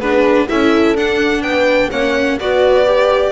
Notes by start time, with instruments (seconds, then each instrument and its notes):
0.00 double bass B3, viola D4, horn G#4, violin B4
0.49 double bass C#4, viola E4, horn A4, violin E5
0.95 double bass D4, viola D4, violin F#5
1.42 double bass B3, violin G5
1.49 horn B4
1.90 double bass A#3, viola C#4, horn C#5, violin F#5
2.39 double bass B3, viola F#4, horn B4, violin D5
2.85 viola G4